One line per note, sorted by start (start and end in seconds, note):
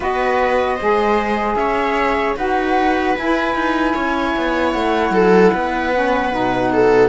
0.00 0.79 B3
0.00 0.77 F#4
0.00 0.76 B4
0.00 1.55 D#5
0.76 2.36 G#4
0.76 1.55 C5
0.82 1.55 G#3
1.55 2.34 C#4
1.55 2.37 C#5
1.55 2.34 E5
2.36 3.15 D#4
2.36 3.15 F#4
2.36 3.94 B4
2.36 3.16 F#5
3.17 3.54 E4
3.17 5.92 E4
3.17 4.71 G#5
3.54 3.94 D#4
3.94 4.35 C#4
3.94 5.12 C#5
4.36 4.75 B3
4.71 5.10 A3
4.71 7.08 F#5
5.10 5.50 F#3
5.10 5.52 A4
5.52 6.32 B3
5.52 6.70 B4
5.92 6.31 C#4
6.31 7.08 B2
6.31 7.08 D#4
6.72 7.08 A4